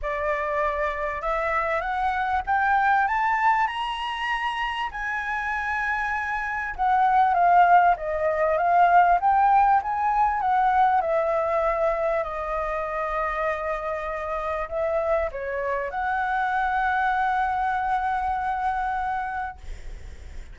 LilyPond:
\new Staff \with { instrumentName = "flute" } { \time 4/4 \tempo 4 = 98 d''2 e''4 fis''4 | g''4 a''4 ais''2 | gis''2. fis''4 | f''4 dis''4 f''4 g''4 |
gis''4 fis''4 e''2 | dis''1 | e''4 cis''4 fis''2~ | fis''1 | }